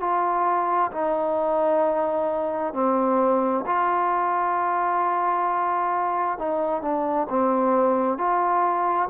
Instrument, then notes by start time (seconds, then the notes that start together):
trombone
0.00 F4
0.92 D#4
2.74 C4
3.67 F4
6.38 D#4
6.82 D4
7.29 C4
8.18 F4